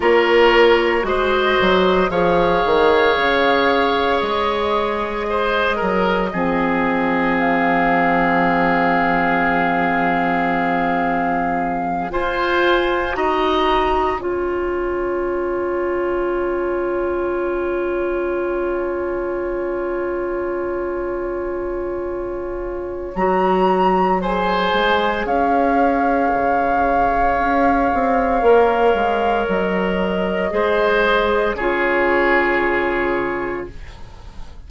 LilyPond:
<<
  \new Staff \with { instrumentName = "flute" } { \time 4/4 \tempo 4 = 57 cis''4 dis''4 f''2 | dis''2. f''4~ | f''2.~ f''8 gis''8~ | gis''8 ais''4 gis''2~ gis''8~ |
gis''1~ | gis''2 ais''4 gis''4 | f''1 | dis''2 cis''2 | }
  \new Staff \with { instrumentName = "oboe" } { \time 4/4 ais'4 c''4 cis''2~ | cis''4 c''8 ais'8 gis'2~ | gis'2.~ gis'8 c''8~ | c''8 dis''4 cis''2~ cis''8~ |
cis''1~ | cis''2. c''4 | cis''1~ | cis''4 c''4 gis'2 | }
  \new Staff \with { instrumentName = "clarinet" } { \time 4/4 f'4 fis'4 gis'2~ | gis'2 c'2~ | c'2.~ c'8 f'8~ | f'8 fis'4 f'2~ f'8~ |
f'1~ | f'2 fis'4 gis'4~ | gis'2. ais'4~ | ais'4 gis'4 f'2 | }
  \new Staff \with { instrumentName = "bassoon" } { \time 4/4 ais4 gis8 fis8 f8 dis8 cis4 | gis4. fis8 f2~ | f2.~ f8 f'8~ | f'8 dis'4 cis'2~ cis'8~ |
cis'1~ | cis'2 fis4. gis8 | cis'4 cis4 cis'8 c'8 ais8 gis8 | fis4 gis4 cis2 | }
>>